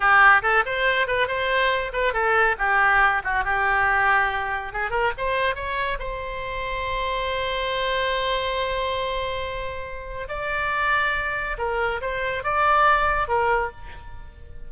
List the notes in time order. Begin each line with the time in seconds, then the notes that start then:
0.00 G4
0.42 A4
0.65 C5
1.07 B4
1.27 C5
1.92 B4
2.13 A4
2.58 G4
3.24 F#4
3.44 G4
4.73 G#4
4.90 A#4
5.17 C5
5.55 C#5
5.99 C5
10.28 D5
11.57 A#4
12.01 C5
12.43 D5
13.28 A#4